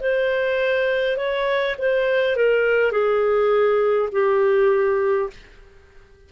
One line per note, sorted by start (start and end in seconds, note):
0.00 1.17 C5
1.17 1.76 C#5
1.79 2.36 C5
2.36 2.92 A#4
2.92 4.10 G#4
4.12 5.30 G4